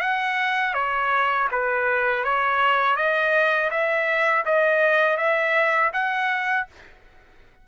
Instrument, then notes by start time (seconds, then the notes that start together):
trumpet
0.00 F#5
0.73 C#5
1.51 B4
2.24 C#5
2.96 D#5
3.70 E5
4.45 D#5
5.17 E5
5.93 F#5